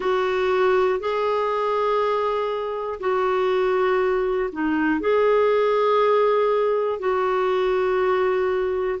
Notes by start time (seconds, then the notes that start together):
0.00 F#4
1.00 G#4
3.00 F#4
4.52 D#4
5.00 G#4
6.99 F#4